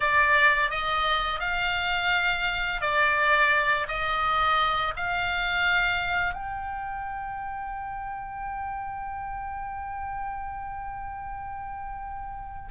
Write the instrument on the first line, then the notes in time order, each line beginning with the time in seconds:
oboe
0.00 D5
0.70 D#5
1.40 F5
2.81 D5
3.88 D#5
4.96 F5
6.33 G5